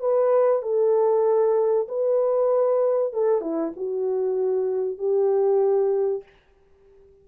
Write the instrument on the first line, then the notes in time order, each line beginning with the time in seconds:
horn
0.00 B4
0.62 A4
1.88 B4
3.13 A4
3.41 E4
3.76 F#4
4.98 G4